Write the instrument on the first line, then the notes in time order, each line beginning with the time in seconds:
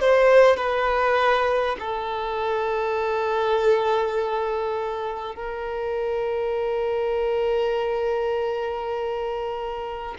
violin
0.00 C5
0.56 B4
1.79 A4
5.35 A#4